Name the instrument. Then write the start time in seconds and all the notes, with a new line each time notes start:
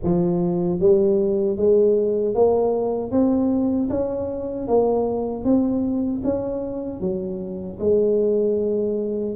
tuba
0.03 F3
0.79 G3
1.56 G#3
2.34 A#3
3.11 C4
3.89 C#4
4.67 A#3
5.44 C4
6.23 C#4
7.00 F#3
7.79 G#3